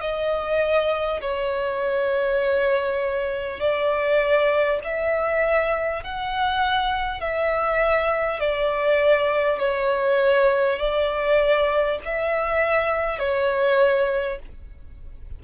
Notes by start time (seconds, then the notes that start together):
0.00 D#5
1.21 C#5
3.59 D5
4.83 E5
6.03 F#5
7.20 E5
8.39 D5
9.58 C#5
10.79 D5
12.04 E5
13.19 C#5